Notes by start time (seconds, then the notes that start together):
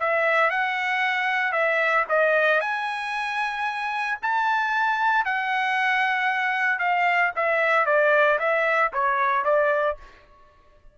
0.00 E5
0.50 F#5
1.52 E5
2.09 D#5
2.61 G#5
4.22 A5
5.25 F#5
6.79 F5
7.36 E5
7.86 D5
8.39 E5
8.93 C#5
9.44 D5